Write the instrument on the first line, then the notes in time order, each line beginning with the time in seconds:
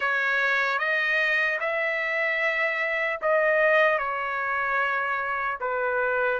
trumpet
0.00 C#5
0.78 D#5
1.60 E5
3.21 D#5
3.98 C#5
5.60 B4